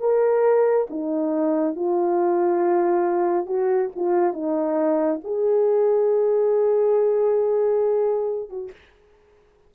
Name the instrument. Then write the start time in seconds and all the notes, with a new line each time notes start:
horn
0.00 A#4
0.90 D#4
1.75 F4
3.45 F#4
3.95 F4
4.33 D#4
5.24 G#4
8.49 F#4